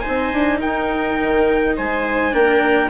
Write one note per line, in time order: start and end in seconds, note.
0.00 2.31 D#4
0.00 0.59 C5
0.00 0.58 G#5
0.08 0.32 C4
0.32 0.61 D4
0.60 1.21 D#4
0.60 1.75 A#4
0.60 1.76 G5
1.22 1.78 D#3
1.76 2.33 G#3
1.76 2.34 C5
1.76 2.35 G#5
2.31 2.90 A#3
2.31 2.89 D4
2.31 2.90 A#4
2.31 2.90 G5